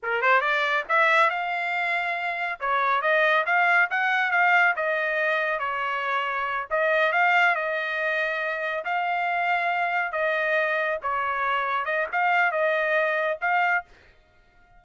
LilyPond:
\new Staff \with { instrumentName = "trumpet" } { \time 4/4 \tempo 4 = 139 ais'8 c''8 d''4 e''4 f''4~ | f''2 cis''4 dis''4 | f''4 fis''4 f''4 dis''4~ | dis''4 cis''2~ cis''8 dis''8~ |
dis''8 f''4 dis''2~ dis''8~ | dis''8 f''2. dis''8~ | dis''4. cis''2 dis''8 | f''4 dis''2 f''4 | }